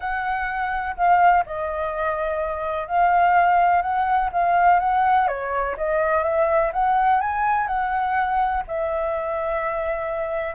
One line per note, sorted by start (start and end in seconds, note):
0.00 0.96 F#5
0.96 1.44 F5
1.46 2.87 D#5
2.87 3.81 F5
3.81 4.29 F#5
4.32 4.79 F5
4.79 5.27 F#5
5.27 5.75 C#5
5.77 6.23 D#5
6.23 6.71 E5
6.72 7.20 F#5
7.20 7.67 G#5
7.67 8.63 F#5
8.67 10.55 E5